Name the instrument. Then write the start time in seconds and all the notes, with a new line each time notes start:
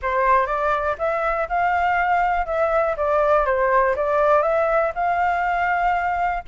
flute
0.02 C5
0.46 D5
0.98 E5
1.49 F5
2.46 E5
2.96 D5
3.45 C5
3.96 D5
4.42 E5
4.94 F5